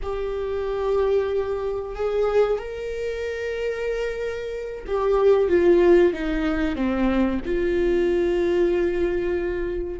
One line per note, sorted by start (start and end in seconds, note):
0.02 1.95 G4
1.95 2.58 G#4
2.58 4.84 A#4
4.87 5.48 G4
5.48 6.13 F4
6.13 6.75 D#4
6.75 7.40 C4
7.45 9.99 F4